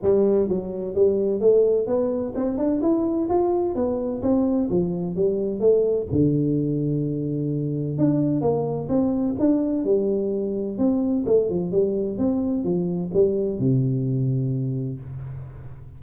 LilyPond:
\new Staff \with { instrumentName = "tuba" } { \time 4/4 \tempo 4 = 128 g4 fis4 g4 a4 | b4 c'8 d'8 e'4 f'4 | b4 c'4 f4 g4 | a4 d2.~ |
d4 d'4 ais4 c'4 | d'4 g2 c'4 | a8 f8 g4 c'4 f4 | g4 c2. | }